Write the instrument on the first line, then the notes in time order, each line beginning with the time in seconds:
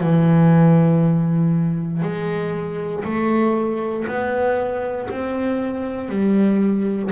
double bass
0.00 E3
2.02 G#3
3.04 A3
4.07 B3
5.10 C4
6.09 G3